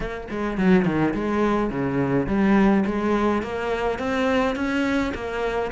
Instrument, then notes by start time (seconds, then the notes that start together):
cello
0.00 A#3
0.30 G#3
0.57 F#3
0.85 D#3
1.14 G#3
1.70 C#3
2.26 G3
2.85 G#3
3.42 A#3
3.98 C4
4.55 C#4
5.14 A#3